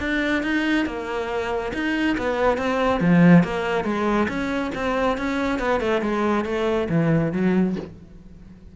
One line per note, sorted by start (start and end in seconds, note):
0.00 0.43 D4
0.43 0.86 D#4
0.86 1.73 A#3
1.74 2.17 D#4
2.18 2.58 B3
2.58 3.00 C4
3.00 3.44 F3
3.44 3.85 A#3
3.85 4.28 G#3
4.29 4.72 C#4
4.75 5.18 C4
5.18 5.59 C#4
5.59 5.81 B3
5.81 6.02 A3
6.02 6.45 G#3
6.45 6.88 A3
6.89 7.32 E3
7.32 7.76 F#3